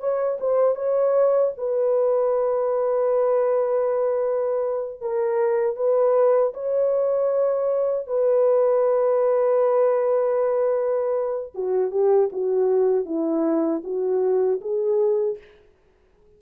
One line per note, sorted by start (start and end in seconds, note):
0.00 0.38 C#5
0.41 0.76 C5
0.76 1.53 C#5
1.58 5.01 B4
5.01 5.76 A#4
5.76 6.53 B4
6.54 8.07 C#5
8.07 11.53 B4
11.55 11.91 F#4
11.91 12.30 G4
12.32 13.06 F#4
13.06 13.83 E4
13.84 14.61 F#4
14.61 15.38 G#4